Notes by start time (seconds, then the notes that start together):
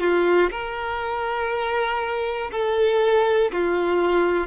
0.00 F4
0.51 A#4
2.52 A4
3.52 F4